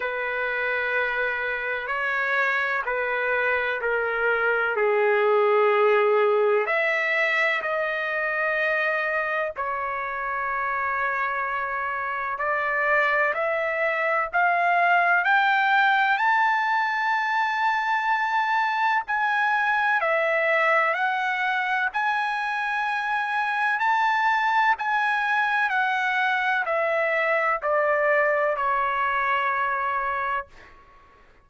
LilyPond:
\new Staff \with { instrumentName = "trumpet" } { \time 4/4 \tempo 4 = 63 b'2 cis''4 b'4 | ais'4 gis'2 e''4 | dis''2 cis''2~ | cis''4 d''4 e''4 f''4 |
g''4 a''2. | gis''4 e''4 fis''4 gis''4~ | gis''4 a''4 gis''4 fis''4 | e''4 d''4 cis''2 | }